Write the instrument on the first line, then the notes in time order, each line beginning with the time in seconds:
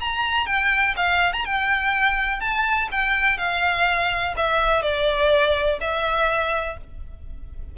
violin
0.00 A#5
0.46 G5
0.96 F5
1.32 A#5
1.45 G5
2.40 A5
2.91 G5
3.37 F5
4.36 E5
4.82 D5
5.80 E5